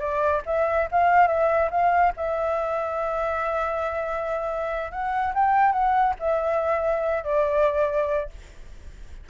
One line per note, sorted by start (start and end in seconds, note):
0.00 0.42 D5
0.46 0.88 E5
0.92 1.28 F5
1.28 1.70 E5
1.71 2.13 F5
2.17 4.92 E5
4.92 5.34 F#5
5.34 5.72 G5
5.72 6.15 F#5
6.20 7.24 E5
7.24 8.30 D5